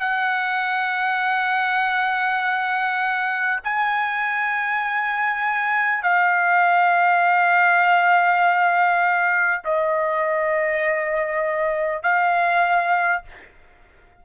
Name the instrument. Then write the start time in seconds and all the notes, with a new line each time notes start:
trumpet
0.00 F#5
3.64 G#5
6.03 F5
9.65 D#5
12.03 F5